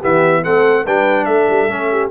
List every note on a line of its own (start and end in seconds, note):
0.00 0.46 E3
0.00 0.43 B3
0.00 0.42 G4
0.00 0.44 E5
0.43 0.86 A3
0.43 0.86 C4
0.43 0.84 A4
0.43 0.86 F#5
0.84 1.27 G3
0.84 1.69 D4
0.84 1.26 B4
0.84 1.25 G5
1.25 1.48 A3
1.25 1.89 A4
1.25 2.10 E5
1.50 1.68 G3
1.68 2.10 A3
1.68 2.11 C#4
1.91 2.11 G4